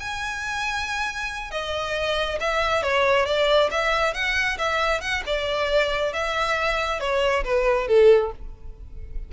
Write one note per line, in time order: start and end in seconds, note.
0.00 1.51 G#5
1.51 2.39 D#5
2.40 2.83 E5
2.83 3.26 C#5
3.26 3.70 D5
3.71 4.14 E5
4.14 4.58 F#5
4.58 5.01 E5
5.01 5.23 F#5
5.27 6.13 D5
6.13 7.01 E5
7.01 7.44 C#5
7.45 7.88 B4
7.88 8.32 A4